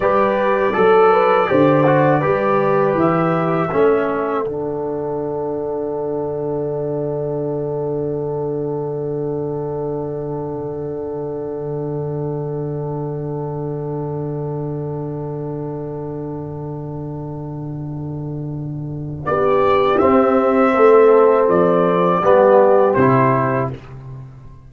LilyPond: <<
  \new Staff \with { instrumentName = "trumpet" } { \time 4/4 \tempo 4 = 81 d''1 | e''2 fis''2~ | fis''1~ | fis''1~ |
fis''1~ | fis''1~ | fis''2 d''4 e''4~ | e''4 d''2 c''4 | }
  \new Staff \with { instrumentName = "horn" } { \time 4/4 b'4 a'8 b'8 c''4 b'4~ | b'4 a'2.~ | a'1~ | a'1~ |
a'1~ | a'1~ | a'2 g'2 | a'2 g'2 | }
  \new Staff \with { instrumentName = "trombone" } { \time 4/4 g'4 a'4 g'8 fis'8 g'4~ | g'4 cis'4 d'2~ | d'1~ | d'1~ |
d'1~ | d'1~ | d'2. c'4~ | c'2 b4 e'4 | }
  \new Staff \with { instrumentName = "tuba" } { \time 4/4 g4 fis4 d4 g4 | e4 a4 d2~ | d1~ | d1~ |
d1~ | d1~ | d2 b4 c'4 | a4 f4 g4 c4 | }
>>